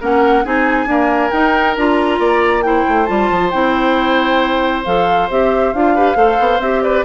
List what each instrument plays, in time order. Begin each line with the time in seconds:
0.00 bassoon A#3, clarinet C#4, oboe A#4, flute F#5
0.44 bassoon C4, clarinet D#4, oboe G#4, flute G#5
0.86 clarinet A#3, bassoon D4, oboe A#4
1.31 clarinet D#4, bassoon D#4, flute G5
1.76 bassoon D4, clarinet F4, flute A#5
2.18 bassoon A#3, oboe D5
2.62 clarinet E4, oboe C5, flute G5
2.88 bassoon A3
3.05 bassoon G3, clarinet F4, flute A5
3.30 bassoon F3
3.50 bassoon C4, clarinet E4, flute G5
4.85 bassoon F3, clarinet A4, flute F5
5.30 bassoon C4, clarinet G4, flute E5
5.73 bassoon D4, clarinet F4, flute F5
5.95 clarinet G4, oboe B4
6.15 bassoon A3, clarinet A4, oboe C5
6.39 bassoon B3
6.59 bassoon C4, clarinet G4, flute E5
6.82 oboe B4, flute D5